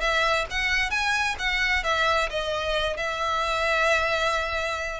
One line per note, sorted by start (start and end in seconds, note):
0.00 0.45 E5
0.50 0.90 F#5
0.90 1.35 G#5
1.39 1.83 F#5
1.83 2.29 E5
2.29 2.96 D#5
2.96 5.00 E5